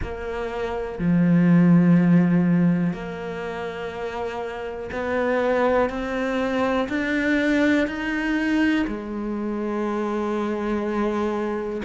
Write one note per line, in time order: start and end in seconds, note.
0.01 0.98 A#3
0.98 2.93 F3
2.93 4.90 A#3
4.92 5.89 B3
5.89 6.88 C4
6.89 7.87 D4
7.87 8.85 D#4
8.87 11.82 G#3